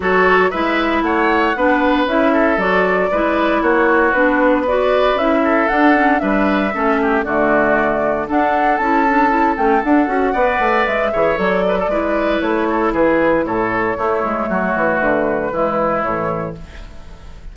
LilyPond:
<<
  \new Staff \with { instrumentName = "flute" } { \time 4/4 \tempo 4 = 116 cis''4 e''4 fis''2 | e''4 d''2 cis''4 | b'4 d''4 e''4 fis''4 | e''2 d''2 |
fis''4 a''4. g''8 fis''4~ | fis''4 e''4 d''2 | cis''4 b'4 cis''2~ | cis''4 b'2 cis''4 | }
  \new Staff \with { instrumentName = "oboe" } { \time 4/4 a'4 b'4 cis''4 b'4~ | b'8 a'4. b'4 fis'4~ | fis'4 b'4. a'4. | b'4 a'8 g'8 fis'2 |
a'1 | d''4. cis''4 b'16 a'16 b'4~ | b'8 a'8 gis'4 a'4 e'4 | fis'2 e'2 | }
  \new Staff \with { instrumentName = "clarinet" } { \time 4/4 fis'4 e'2 d'4 | e'4 fis'4 e'2 | d'4 fis'4 e'4 d'8 cis'8 | d'4 cis'4 a2 |
d'4 e'8 d'8 e'8 cis'8 d'8 fis'8 | b'4. gis'8 a'4 e'4~ | e'2. a4~ | a2 gis4 e4 | }
  \new Staff \with { instrumentName = "bassoon" } { \time 4/4 fis4 gis4 a4 b4 | cis'4 fis4 gis4 ais4 | b2 cis'4 d'4 | g4 a4 d2 |
d'4 cis'4. a8 d'8 cis'8 | b8 a8 gis8 e8 fis4 gis4 | a4 e4 a,4 a8 gis8 | fis8 e8 d4 e4 a,4 | }
>>